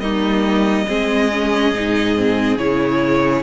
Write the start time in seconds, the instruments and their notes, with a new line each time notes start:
0.00 cello G3, viola A#3, violin D#4 D#5
0.87 cello G#3, viola C4, violin G#4
1.32 viola C#4
1.72 cello G#2, viola D#4
2.16 viola C4
2.58 cello C#3, viola E4, violin C#5